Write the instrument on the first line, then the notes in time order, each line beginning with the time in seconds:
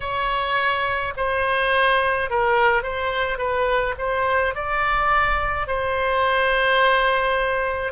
oboe
0.00 C#5
1.16 C5
2.30 A#4
2.83 C5
3.38 B4
3.98 C5
4.54 D5
5.67 C5